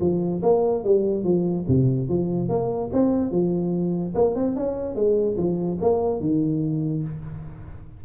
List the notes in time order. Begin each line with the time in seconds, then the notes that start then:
0.00 F3
0.42 A#3
0.84 G3
1.24 F3
1.67 C3
2.09 F3
2.48 A#3
2.92 C4
3.31 F3
4.15 A#3
4.35 C4
4.56 C#4
4.95 G#3
5.37 F3
5.81 A#3
6.20 D#3